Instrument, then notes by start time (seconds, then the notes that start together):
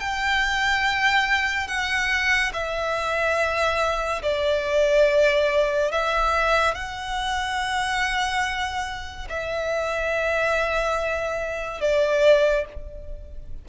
violin
0.00 G5
1.67 F#5
2.53 E5
4.22 D5
5.91 E5
6.75 F#5
9.29 E5
11.80 D5